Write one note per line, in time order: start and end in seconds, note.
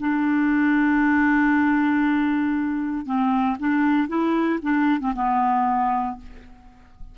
0.00 3.06 D4
3.06 3.57 C4
3.59 4.08 D4
4.08 4.59 E4
4.62 5.00 D4
5.00 5.13 C4
5.15 6.17 B3